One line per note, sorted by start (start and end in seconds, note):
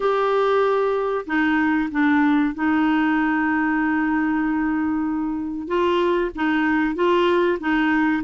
0.00 1.25 G4
1.26 1.89 D#4
1.91 2.54 D4
2.54 5.67 D#4
5.67 6.30 F4
6.35 6.95 D#4
6.95 7.58 F4
7.60 8.23 D#4